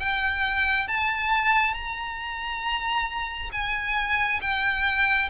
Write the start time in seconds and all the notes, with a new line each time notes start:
0.00 G5
0.88 A5
1.74 A#5
3.53 G#5
4.42 G5